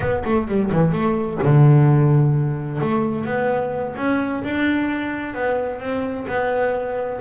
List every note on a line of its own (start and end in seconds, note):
0.00 0.23 B3
0.24 0.47 A3
0.47 0.70 G3
0.71 0.92 E3
0.92 1.38 A3
1.42 2.80 D3
2.80 3.25 A3
3.25 3.95 B3
3.96 4.43 C#4
4.43 5.34 D4
5.34 5.80 B3
5.80 6.26 C4
6.27 7.20 B3